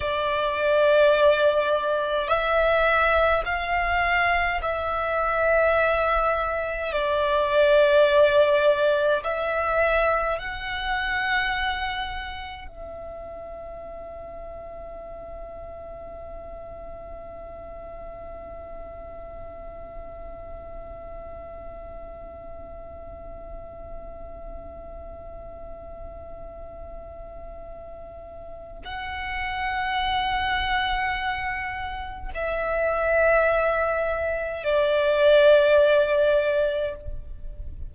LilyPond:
\new Staff \with { instrumentName = "violin" } { \time 4/4 \tempo 4 = 52 d''2 e''4 f''4 | e''2 d''2 | e''4 fis''2 e''4~ | e''1~ |
e''1~ | e''1~ | e''4 fis''2. | e''2 d''2 | }